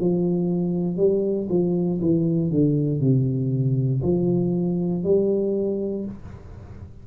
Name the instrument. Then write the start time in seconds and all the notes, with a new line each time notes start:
tuba
0.00 F3
0.97 G3
1.49 F3
2.01 E3
2.50 D3
3.00 C3
4.02 F3
5.03 G3